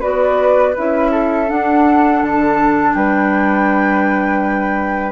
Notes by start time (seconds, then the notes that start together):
0.00 B3 F#4 B4 D5
0.76 C#4 E4 E5
1.11 A4
1.46 D4 F#5
2.22 D3 A5
2.94 G3 B4 G5